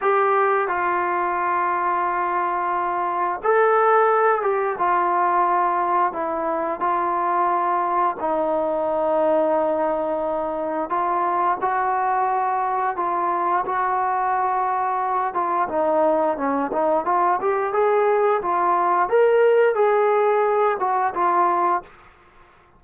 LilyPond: \new Staff \with { instrumentName = "trombone" } { \time 4/4 \tempo 4 = 88 g'4 f'2.~ | f'4 a'4. g'8 f'4~ | f'4 e'4 f'2 | dis'1 |
f'4 fis'2 f'4 | fis'2~ fis'8 f'8 dis'4 | cis'8 dis'8 f'8 g'8 gis'4 f'4 | ais'4 gis'4. fis'8 f'4 | }